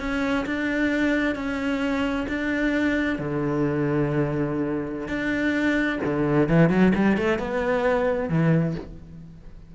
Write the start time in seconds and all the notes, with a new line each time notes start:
0.00 C#4
0.46 D4
1.36 C#4
2.29 D4
3.19 D3
5.08 D4
6.05 D3
6.49 E3
6.70 F#3
6.95 G3
7.18 A3
7.39 B3
8.30 E3